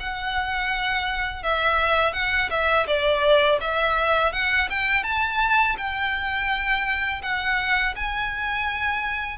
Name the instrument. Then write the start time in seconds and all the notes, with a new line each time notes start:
violin
0.00 F#5
1.43 E5
2.13 F#5
2.50 E5
2.87 D5
3.61 E5
4.33 F#5
4.70 G5
5.04 A5
5.77 G5
7.22 F#5
7.96 G#5